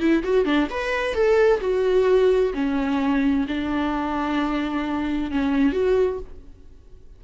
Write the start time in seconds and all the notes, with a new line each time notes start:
0.00 E4
0.23 F#4
0.45 D4
0.70 B4
1.14 A4
1.61 F#4
2.54 C#4
3.48 D4
5.31 C#4
5.73 F#4